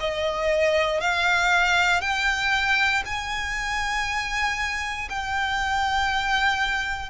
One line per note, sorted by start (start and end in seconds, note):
0.00 1.01 D#5
1.01 2.01 F5
2.01 3.03 G5
3.06 5.09 G#5
5.09 7.10 G5